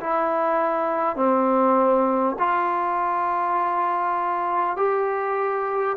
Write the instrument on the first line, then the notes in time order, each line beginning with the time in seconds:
trombone
0.00 E4
1.16 C4
2.38 F4
4.77 G4